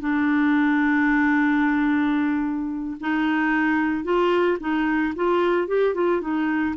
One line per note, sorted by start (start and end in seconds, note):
0.00 2.97 D4
3.00 4.04 D#4
4.04 4.58 F4
4.60 5.14 D#4
5.15 5.68 F4
5.68 5.94 G4
5.94 6.21 F4
6.21 6.75 D#4